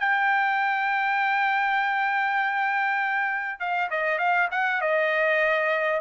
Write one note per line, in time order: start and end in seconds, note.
0.00 3.60 G5
3.60 3.90 F5
3.91 4.19 D#5
4.19 4.49 F5
4.51 4.81 F#5
4.82 6.01 D#5